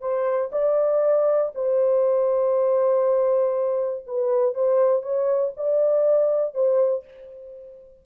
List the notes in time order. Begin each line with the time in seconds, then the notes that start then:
0.00 C5
0.52 D5
1.54 C5
4.06 B4
4.54 C5
5.02 C#5
5.57 D5
6.54 C5